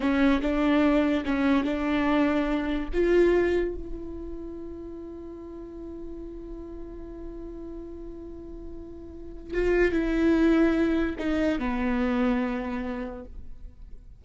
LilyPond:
\new Staff \with { instrumentName = "viola" } { \time 4/4 \tempo 4 = 145 cis'4 d'2 cis'4 | d'2. f'4~ | f'4 e'2.~ | e'1~ |
e'1~ | e'2. f'4 | e'2. dis'4 | b1 | }